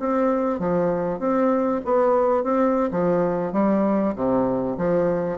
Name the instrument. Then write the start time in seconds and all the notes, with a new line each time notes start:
bassoon
0.00 C4
0.59 F3
1.19 C4
1.85 B3
2.44 C4
2.91 F3
3.53 G3
4.16 C3
4.78 F3